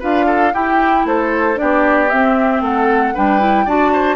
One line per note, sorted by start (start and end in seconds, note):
0.00 0.54 D4
0.00 0.53 F4
0.00 0.26 B4
0.00 0.55 F5
0.27 0.53 A4
0.53 1.56 E4
0.53 1.05 E4
0.53 1.06 G4
0.53 1.07 G5
1.05 1.57 A3
1.05 1.61 A4
1.05 1.58 C5
1.56 2.13 B3
1.56 2.08 D4
1.56 2.63 G4
1.56 2.10 D5
2.10 3.16 C4
2.10 2.61 C4
2.10 2.62 E5
2.61 3.13 A3
2.61 3.15 A4
2.61 3.16 F#5
3.15 3.66 G3
3.15 3.40 D4
3.15 3.66 B4
3.15 3.69 G5
3.40 3.66 E4
3.66 4.16 D4
3.66 4.16 F#4
3.66 3.92 D5
3.66 4.16 A5
3.93 4.16 C5